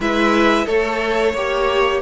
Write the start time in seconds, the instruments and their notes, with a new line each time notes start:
0.00 cello G#3, viola E4, violin B4 E5
0.64 cello A3, violin A4 C#5, viola A4
1.33 cello A#3, viola G4, violin C#5